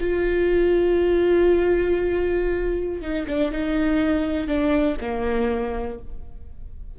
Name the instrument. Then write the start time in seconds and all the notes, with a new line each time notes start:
viola
0.00 F4
3.02 D#4
3.27 D4
3.52 D#4
4.48 D4
5.01 A#3